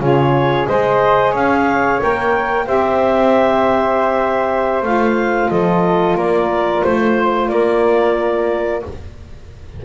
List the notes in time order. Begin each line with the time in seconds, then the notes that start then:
0.00 C#3 F4 G#4 C#5
0.67 G#3 G#4 C5 D#5
1.31 C#4 C#5 F5
2.01 A#3 A#4 G5
2.66 C4 G4 C5 E5
4.83 A3 F4 F5
5.50 F3 A4 D#5
6.16 A#3 A#4 D5
6.84 A3 C5
7.49 A#3 A#4 D5